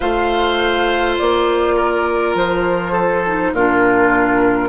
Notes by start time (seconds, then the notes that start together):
0.00 A3 F4 C5 F5
1.17 A#3 D5
1.76 A#4
2.35 F3 C5
2.91 A4
3.26 D#4
3.52 A#2 D4 F4 A#4